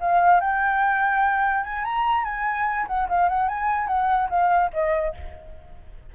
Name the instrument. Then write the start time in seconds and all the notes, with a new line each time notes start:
flute
0.00 F5
0.40 G5
1.64 G#5
1.85 A#5
2.24 G#5
2.87 F#5
3.09 F5
3.29 F#5
3.48 G#5
3.87 F#5
4.30 F5
4.73 D#5